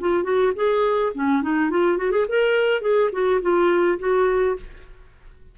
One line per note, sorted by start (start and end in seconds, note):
0.00 0.23 F4
0.23 0.52 F#4
0.55 1.12 G#4
1.15 1.42 C#4
1.42 1.70 D#4
1.70 1.97 F4
1.97 2.11 F#4
2.11 2.26 G#4
2.29 2.82 A#4
2.82 3.10 G#4
3.12 3.41 F#4
3.41 3.98 F4
3.99 4.56 F#4